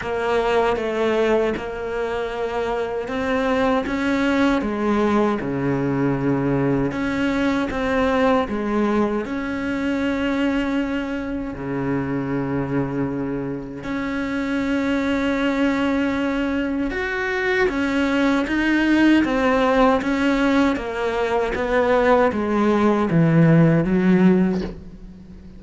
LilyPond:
\new Staff \with { instrumentName = "cello" } { \time 4/4 \tempo 4 = 78 ais4 a4 ais2 | c'4 cis'4 gis4 cis4~ | cis4 cis'4 c'4 gis4 | cis'2. cis4~ |
cis2 cis'2~ | cis'2 fis'4 cis'4 | dis'4 c'4 cis'4 ais4 | b4 gis4 e4 fis4 | }